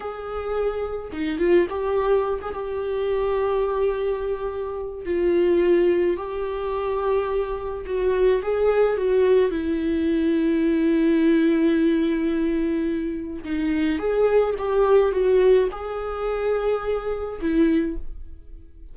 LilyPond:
\new Staff \with { instrumentName = "viola" } { \time 4/4 \tempo 4 = 107 gis'2 dis'8 f'8 g'4~ | g'16 gis'16 g'2.~ g'8~ | g'4 f'2 g'4~ | g'2 fis'4 gis'4 |
fis'4 e'2.~ | e'1 | dis'4 gis'4 g'4 fis'4 | gis'2. e'4 | }